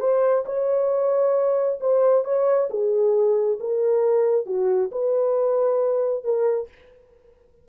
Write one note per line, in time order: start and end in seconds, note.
0.00 0.44 C5
0.46 1.79 C#5
1.80 2.24 C5
2.24 2.69 C#5
2.70 3.59 G#4
3.60 4.46 A#4
4.46 4.90 F#4
4.92 6.24 B4
6.24 6.68 A#4